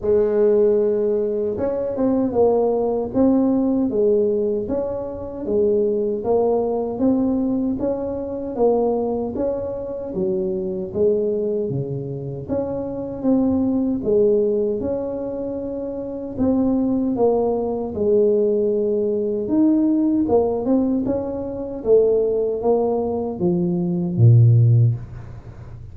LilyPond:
\new Staff \with { instrumentName = "tuba" } { \time 4/4 \tempo 4 = 77 gis2 cis'8 c'8 ais4 | c'4 gis4 cis'4 gis4 | ais4 c'4 cis'4 ais4 | cis'4 fis4 gis4 cis4 |
cis'4 c'4 gis4 cis'4~ | cis'4 c'4 ais4 gis4~ | gis4 dis'4 ais8 c'8 cis'4 | a4 ais4 f4 ais,4 | }